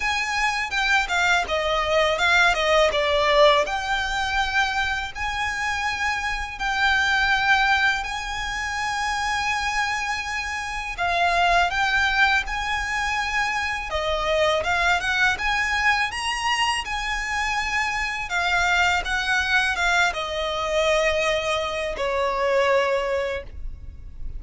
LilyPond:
\new Staff \with { instrumentName = "violin" } { \time 4/4 \tempo 4 = 82 gis''4 g''8 f''8 dis''4 f''8 dis''8 | d''4 g''2 gis''4~ | gis''4 g''2 gis''4~ | gis''2. f''4 |
g''4 gis''2 dis''4 | f''8 fis''8 gis''4 ais''4 gis''4~ | gis''4 f''4 fis''4 f''8 dis''8~ | dis''2 cis''2 | }